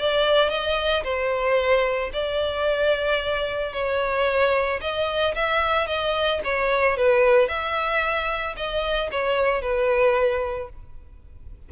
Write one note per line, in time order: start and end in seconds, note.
0.00 0.49 D5
0.49 1.03 D#5
1.04 2.11 C5
2.13 3.73 D5
3.73 4.80 C#5
4.81 5.35 D#5
5.35 5.87 E5
5.87 6.41 D#5
6.45 6.97 C#5
6.97 7.49 B4
7.49 8.56 E5
8.57 9.10 D#5
9.12 9.62 C#5
9.62 10.69 B4